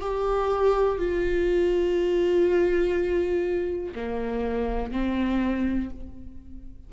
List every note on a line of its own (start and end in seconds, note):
0.00 0.98 G4
0.98 3.93 F4
3.94 4.91 A#3
4.91 5.89 C4